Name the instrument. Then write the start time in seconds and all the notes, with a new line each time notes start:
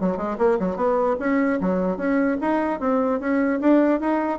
bassoon
0.00 F#3
0.17 G#3
0.38 A#3
0.59 F#3
0.76 B3
1.19 C#4
1.60 F#3
1.97 C#4
2.41 D#4
2.80 C4
3.20 C#4
3.60 D4
4.00 D#4